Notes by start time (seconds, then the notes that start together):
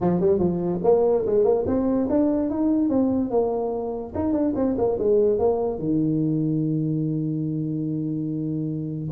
0.00 F3
0.20 G3
0.38 F3
0.83 A#3
1.25 G#3
1.44 A#3
1.66 C4
2.09 D4
2.50 D#4
2.89 C4
3.30 A#3
4.14 D#4
4.32 D4
4.55 C4
4.77 A#3
4.98 G#3
5.38 A#3
5.78 D#3